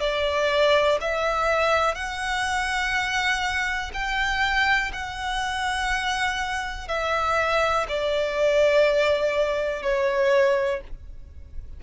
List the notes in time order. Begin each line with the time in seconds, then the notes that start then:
0.00 D5
1.01 E5
1.94 F#5
3.93 G5
4.93 F#5
6.88 E5
7.88 D5
9.82 C#5